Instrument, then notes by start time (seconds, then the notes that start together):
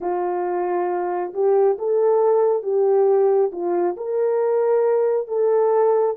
horn
0.00 F4
1.33 G4
1.78 A4
2.62 G4
3.52 F4
3.96 A#4
5.27 A4